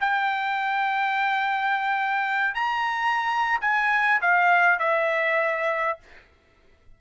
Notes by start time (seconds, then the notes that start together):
0.00 G5
2.54 A#5
3.61 G#5
4.21 F5
4.79 E5